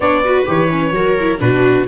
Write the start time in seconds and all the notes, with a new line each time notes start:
0.00 B3 D4 C#5 D5
0.24 F#4 B4
0.45 E3 G4 C#5
0.70 C#4
0.91 F#3 F#4 A#4
1.20 E4
1.38 B2 D4 F#4 B4